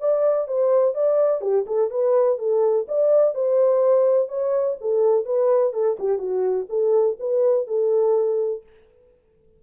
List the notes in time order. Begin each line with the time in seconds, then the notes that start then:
0.00 D5
0.48 C5
0.94 D5
1.41 G4
1.66 A4
1.90 B4
2.38 A4
2.88 D5
3.34 C5
4.29 C#5
4.81 A4
5.25 B4
5.73 A4
6.00 G4
6.18 F#4
6.69 A4
7.20 B4
7.67 A4